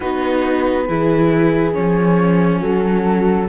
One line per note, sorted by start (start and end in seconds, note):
0.00 0.89 B3
0.00 0.88 D#4
0.00 0.86 F#4
0.00 1.72 B4
0.87 1.76 E3
0.87 1.73 E4
0.87 2.60 G#4
1.73 2.61 F3
1.73 3.47 C#4
1.73 2.60 C#5
2.60 3.48 F#3
2.60 3.47 F#4
2.60 3.48 A4